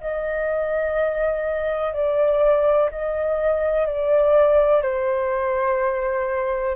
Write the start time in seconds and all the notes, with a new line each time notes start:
0.00 D#5
1.93 D5
2.91 D#5
3.86 D5
4.82 C5